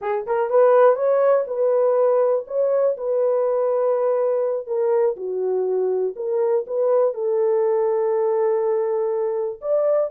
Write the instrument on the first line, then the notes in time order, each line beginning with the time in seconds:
horn
0.01 G#4
0.26 A#4
0.49 B4
0.95 C#5
1.47 B4
2.47 C#5
2.97 B4
4.67 A#4
5.16 F#4
6.16 A#4
6.66 B4
7.14 A4
9.61 D5